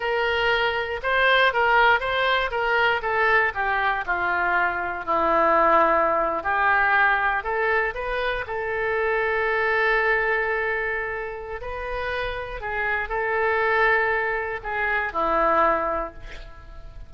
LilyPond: \new Staff \with { instrumentName = "oboe" } { \time 4/4 \tempo 4 = 119 ais'2 c''4 ais'4 | c''4 ais'4 a'4 g'4 | f'2 e'2~ | e'8. g'2 a'4 b'16~ |
b'8. a'2.~ a'16~ | a'2. b'4~ | b'4 gis'4 a'2~ | a'4 gis'4 e'2 | }